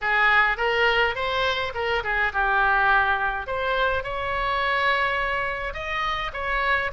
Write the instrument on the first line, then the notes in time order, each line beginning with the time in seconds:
oboe
0.01 G#4
0.57 A#4
1.15 C5
1.74 A#4
2.03 G#4
2.32 G4
3.46 C5
4.03 C#5
5.73 D#5
6.33 C#5